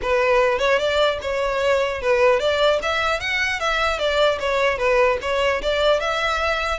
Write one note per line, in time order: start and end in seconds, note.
0.01 0.58 B4
0.58 0.78 C#5
0.78 1.18 D5
1.21 2.01 C#5
2.01 2.39 B4
2.39 2.79 D5
2.82 3.19 E5
3.19 3.59 F#5
3.59 3.98 E5
3.98 4.38 D5
4.39 4.77 C#5
4.77 5.17 B4
5.21 5.61 C#5
5.62 5.99 D5
5.99 6.79 E5